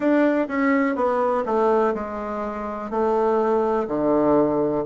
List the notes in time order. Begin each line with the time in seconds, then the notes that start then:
0.00 D4
0.48 C#4
0.95 B3
1.45 A3
1.94 G#3
2.90 A3
3.87 D3